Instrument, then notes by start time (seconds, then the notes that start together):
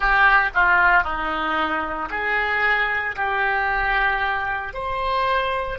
oboe
0.00 G4
0.54 F4
1.03 D#4
2.10 G#4
3.16 G4
4.73 C5